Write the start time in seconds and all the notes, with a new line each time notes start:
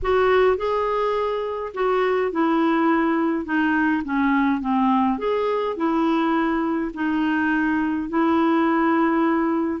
0.02 F#4
0.56 G#4
1.73 F#4
2.31 E4
3.45 D#4
4.04 C#4
4.60 C4
5.18 G#4
5.76 E4
6.94 D#4
8.09 E4